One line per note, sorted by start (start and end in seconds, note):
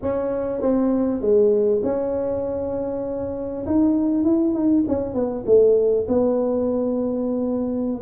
0.02 0.61 C#4
0.61 1.21 C4
1.21 1.81 G#3
1.83 3.65 C#4
3.65 4.24 D#4
4.24 4.53 E4
4.53 4.84 D#4
4.88 5.14 C#4
5.14 5.44 B3
5.46 6.06 A3
6.07 8.01 B3